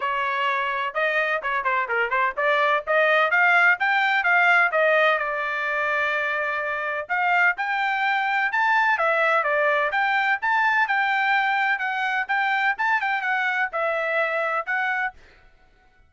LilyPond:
\new Staff \with { instrumentName = "trumpet" } { \time 4/4 \tempo 4 = 127 cis''2 dis''4 cis''8 c''8 | ais'8 c''8 d''4 dis''4 f''4 | g''4 f''4 dis''4 d''4~ | d''2. f''4 |
g''2 a''4 e''4 | d''4 g''4 a''4 g''4~ | g''4 fis''4 g''4 a''8 g''8 | fis''4 e''2 fis''4 | }